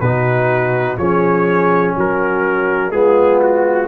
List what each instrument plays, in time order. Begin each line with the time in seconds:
0.00 tuba B2, trombone D#4, horn F#4, trumpet B4
0.97 tuba F3, trombone C#4, horn G#4, trumpet C#5
1.96 tuba F#3, horn F#4, trumpet A#4
2.91 tuba G#3, trombone B3, horn F4, trumpet G#4
3.42 trumpet F#4